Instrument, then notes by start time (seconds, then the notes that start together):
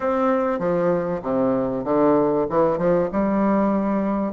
bassoon
0.00 C4
0.59 F3
1.22 C3
1.84 D3
2.49 E3
2.78 F3
3.12 G3